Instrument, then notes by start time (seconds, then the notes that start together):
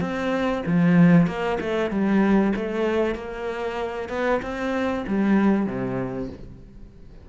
cello
0.00 C4
0.66 F3
1.27 A#3
1.60 A3
1.90 G3
2.55 A3
3.15 A#3
4.09 B3
4.42 C4
5.07 G3
5.66 C3